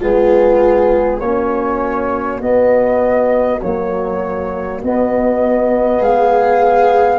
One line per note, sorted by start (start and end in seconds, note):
0.00 1.21 G#3
0.00 1.21 B3
0.00 1.20 F4
0.00 1.20 G#4
1.20 2.41 A#3
1.20 2.41 C#4
1.20 6.00 F#4
1.20 2.40 C#5
2.41 3.60 B3
2.41 3.61 B3
2.41 3.61 D#5
3.62 4.83 F#3
3.62 4.83 A#3
3.62 4.82 C#5
4.83 7.20 B3
4.83 6.01 B3
4.83 6.03 D#5
6.00 7.20 G#3
6.00 7.20 G#4
6.00 7.20 F5